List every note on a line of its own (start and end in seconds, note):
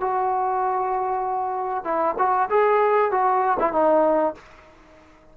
0.00 1.84 F#4
1.84 2.15 E4
2.18 2.49 F#4
2.50 3.11 G#4
3.11 3.58 F#4
3.59 3.73 E4
3.73 4.35 D#4